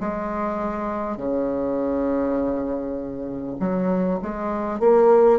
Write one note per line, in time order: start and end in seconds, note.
0.00 1.16 G#3
1.16 3.56 C#3
3.59 4.19 F#3
4.22 4.79 G#3
4.79 5.39 A#3